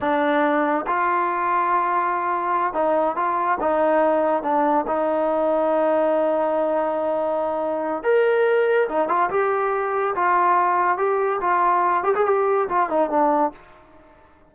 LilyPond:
\new Staff \with { instrumentName = "trombone" } { \time 4/4 \tempo 4 = 142 d'2 f'2~ | f'2~ f'8 dis'4 f'8~ | f'8 dis'2 d'4 dis'8~ | dis'1~ |
dis'2. ais'4~ | ais'4 dis'8 f'8 g'2 | f'2 g'4 f'4~ | f'8 g'16 gis'16 g'4 f'8 dis'8 d'4 | }